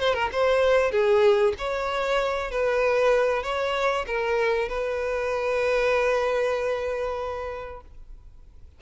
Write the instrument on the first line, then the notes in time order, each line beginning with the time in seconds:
violin
0.00 C5
0.14 A#4
0.32 C5
0.91 G#4
1.58 C#5
2.51 B4
3.43 C#5
4.07 A#4
4.68 B4